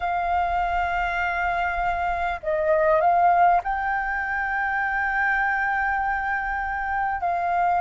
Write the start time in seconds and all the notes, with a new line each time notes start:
0.00 F5
2.43 D#5
3.00 F5
3.63 G5
7.20 F5